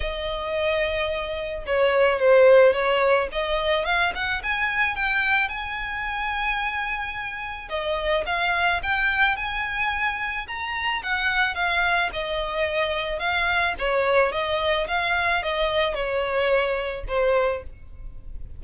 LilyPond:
\new Staff \with { instrumentName = "violin" } { \time 4/4 \tempo 4 = 109 dis''2. cis''4 | c''4 cis''4 dis''4 f''8 fis''8 | gis''4 g''4 gis''2~ | gis''2 dis''4 f''4 |
g''4 gis''2 ais''4 | fis''4 f''4 dis''2 | f''4 cis''4 dis''4 f''4 | dis''4 cis''2 c''4 | }